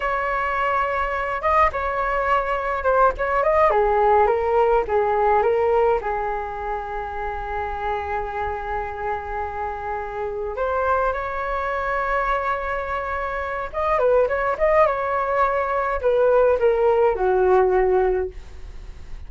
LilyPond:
\new Staff \with { instrumentName = "flute" } { \time 4/4 \tempo 4 = 105 cis''2~ cis''8 dis''8 cis''4~ | cis''4 c''8 cis''8 dis''8 gis'4 ais'8~ | ais'8 gis'4 ais'4 gis'4.~ | gis'1~ |
gis'2~ gis'8 c''4 cis''8~ | cis''1 | dis''8 b'8 cis''8 dis''8 cis''2 | b'4 ais'4 fis'2 | }